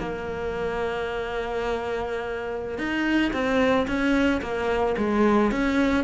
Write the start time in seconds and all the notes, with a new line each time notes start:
0.00 A#3
2.79 D#4
3.34 C4
3.88 C#4
4.42 A#3
4.98 G#3
5.52 C#4